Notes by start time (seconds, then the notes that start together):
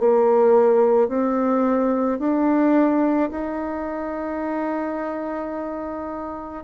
0.00 A#3
1.09 C4
2.20 D4
3.31 D#4